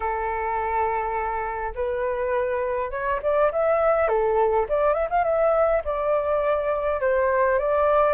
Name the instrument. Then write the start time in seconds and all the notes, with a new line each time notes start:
flute
0.00 A4
1.74 B4
2.90 C#5
3.22 D5
3.52 E5
4.08 A4
4.68 D5
4.93 E5
5.10 F5
5.24 E5
5.84 D5
7.00 C5
7.58 D5